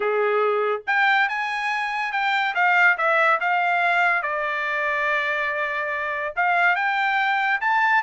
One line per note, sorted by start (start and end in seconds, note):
0.00 0.81 G#4
0.87 1.28 G5
1.28 2.12 G#5
2.12 2.54 G5
2.55 2.97 F5
2.97 3.39 E5
3.40 4.22 F5
4.22 6.33 D5
6.36 6.75 F5
6.75 7.60 G5
7.60 8.02 A5